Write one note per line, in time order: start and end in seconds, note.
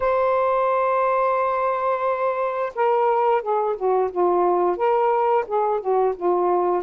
0.00 2.72 C5
2.75 3.42 A#4
3.42 3.76 G#4
3.76 4.10 F#4
4.11 4.76 F4
4.76 5.45 A#4
5.47 5.80 G#4
5.80 6.14 F#4
6.16 6.83 F4